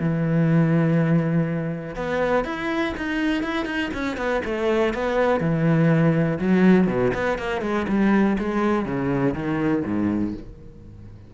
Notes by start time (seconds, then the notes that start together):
0.00 E3
1.96 B3
2.45 E4
2.97 D#4
3.44 E4
3.66 D#4
3.94 C#4
4.18 B3
4.45 A3
4.94 B3
5.41 E3
6.39 F#3
6.88 B2
7.14 B3
7.39 A#3
7.62 G#3
7.89 G3
8.39 G#3
8.86 C#3
9.35 D#3
9.85 G#2